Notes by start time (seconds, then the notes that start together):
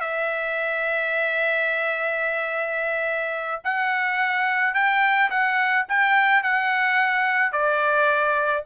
0.00 E5
3.64 F#5
4.74 G5
5.30 F#5
5.88 G5
6.43 F#5
7.52 D5